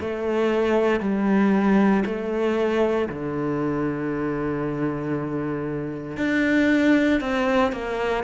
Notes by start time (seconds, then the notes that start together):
0.00 A3
1.00 G3
2.05 A3
3.09 D3
6.17 D4
7.20 C4
7.72 A#3